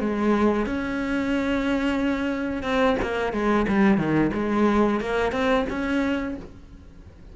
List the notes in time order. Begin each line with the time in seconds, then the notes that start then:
0.00 G#3
0.66 C#4
2.62 C4
3.02 A#3
3.32 G#3
3.68 G3
3.98 D#3
4.34 G#3
5.00 A#3
5.32 C4
5.69 C#4